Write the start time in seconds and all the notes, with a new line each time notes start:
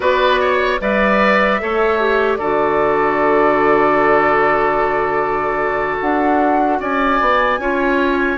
0.00 B3 F#4 B4 D5
0.40 C#5
0.80 G3 B4 D5 E5
1.60 A3 A4 C#5
1.99 G4
2.36 D3 F#4 A4 D5
6.00 D4 F#5
6.80 C#4 D5 G#5
7.20 B3
7.58 C#4 F4 C#5